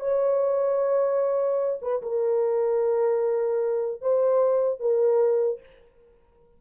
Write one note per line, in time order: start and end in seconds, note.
0.00 1.80 C#5
1.82 2.02 B4
2.02 4.02 A#4
4.02 4.80 C5
4.80 5.60 A#4